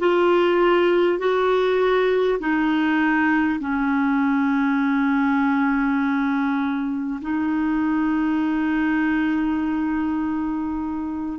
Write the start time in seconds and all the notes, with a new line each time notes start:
0.00 F4
1.19 F#4
2.39 D#4
3.60 C#4
7.22 D#4